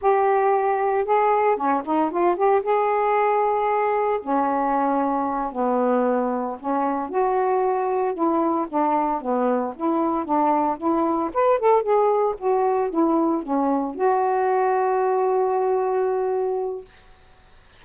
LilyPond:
\new Staff \with { instrumentName = "saxophone" } { \time 4/4 \tempo 4 = 114 g'2 gis'4 cis'8 dis'8 | f'8 g'8 gis'2. | cis'2~ cis'8 b4.~ | b8 cis'4 fis'2 e'8~ |
e'8 d'4 b4 e'4 d'8~ | d'8 e'4 b'8 a'8 gis'4 fis'8~ | fis'8 e'4 cis'4 fis'4.~ | fis'1 | }